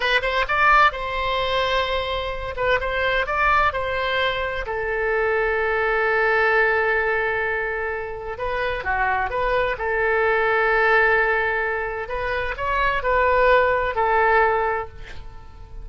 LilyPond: \new Staff \with { instrumentName = "oboe" } { \time 4/4 \tempo 4 = 129 b'8 c''8 d''4 c''2~ | c''4. b'8 c''4 d''4 | c''2 a'2~ | a'1~ |
a'2 b'4 fis'4 | b'4 a'2.~ | a'2 b'4 cis''4 | b'2 a'2 | }